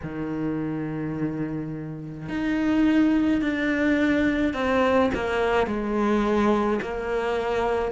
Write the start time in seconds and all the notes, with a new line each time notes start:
0.03 D#3
2.28 D#4
3.41 D4
4.53 C4
5.14 A#3
5.66 G#3
6.81 A#3